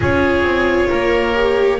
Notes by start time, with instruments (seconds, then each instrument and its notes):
0.00 double bass C#4, viola F4, oboe G#4, violin C#5
0.42 double bass C4
0.88 double bass A#3, oboe A#4
1.35 viola G4